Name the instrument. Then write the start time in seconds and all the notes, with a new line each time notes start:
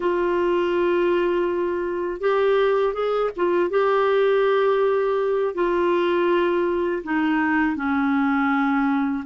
clarinet
0.00 F4
2.20 G4
2.93 G#4
3.36 F4
3.69 G4
5.54 F4
7.03 D#4
7.76 C#4